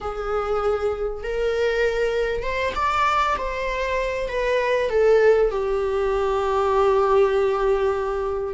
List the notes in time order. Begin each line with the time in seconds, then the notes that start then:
0.00 G#4
1.23 A#4
2.42 C5
2.75 D5
3.37 C5
4.28 B4
4.89 A4
5.50 G4